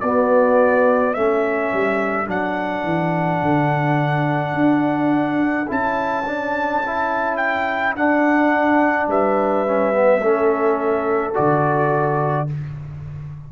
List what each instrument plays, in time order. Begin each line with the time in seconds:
0.00 tuba B3, trombone B3, horn F#4, trumpet D5
1.13 tuba A3, trombone C#4, horn A4, trumpet E5
1.72 tuba G3
2.26 tuba F#3, trombone D4, trumpet F#5
2.83 tuba E3
3.41 tuba D3
4.54 tuba D4
5.67 tuba C#4, trombone E4, trumpet A5
6.26 trombone D4
6.86 trombone E4
7.37 trumpet G5
7.95 tuba D4, trombone D4, trumpet F#5
9.07 tuba G3, horn B4, trumpet E5
9.66 trombone C#4
9.92 trombone B3
10.19 tuba A3, trombone C#4, horn A4
11.33 tuba D3, trombone F#4, trumpet D5